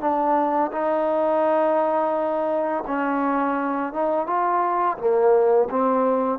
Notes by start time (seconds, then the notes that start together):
0.00 D4
0.72 D#4
2.87 C#4
3.92 D#4
4.26 F4
4.97 A#3
5.70 C4